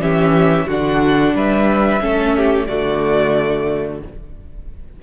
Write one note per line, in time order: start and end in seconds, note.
0.00 0.67 E3
0.00 0.67 C#4
0.00 0.67 G4
0.00 0.68 E5
0.67 1.35 D3
0.67 2.01 D4
0.67 1.34 F#4
0.67 1.37 F#5
1.35 2.01 G3
1.35 2.03 B4
1.35 2.67 E5
2.01 2.68 A3
2.01 2.67 C#4
2.01 2.37 A4
2.37 2.69 G4
2.67 4.03 D3
2.67 4.02 A3
2.67 4.02 F#4
2.67 4.00 D5